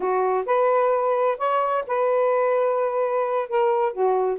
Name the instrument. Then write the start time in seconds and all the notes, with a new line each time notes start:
saxophone
0.00 F#4
0.46 B4
1.38 C#5
1.87 B4
3.48 A#4
3.92 F#4